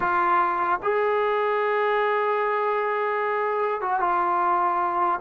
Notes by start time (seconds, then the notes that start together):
0.00 F4
0.83 G#4
3.81 F#4
3.99 F4